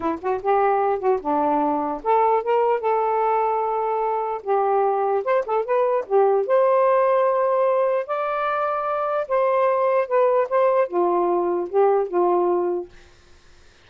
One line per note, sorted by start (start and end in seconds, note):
0.00 0.18 E4
0.21 0.41 F#4
0.42 0.99 G4
0.99 1.19 F#4
1.21 2.02 D4
2.03 2.43 A4
2.43 2.80 A#4
2.80 4.41 A4
4.43 5.23 G4
5.24 5.44 C5
5.46 5.65 A4
5.65 6.05 B4
6.06 6.46 G4
6.46 8.06 C5
8.06 9.27 D5
9.28 10.07 C5
10.07 10.48 B4
10.49 10.88 C5
10.88 11.68 F4
11.69 12.08 G4
12.08 12.88 F4